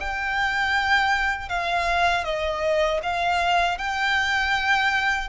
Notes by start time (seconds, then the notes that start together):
0.00 G5
1.49 F5
2.24 D#5
3.03 F5
3.78 G5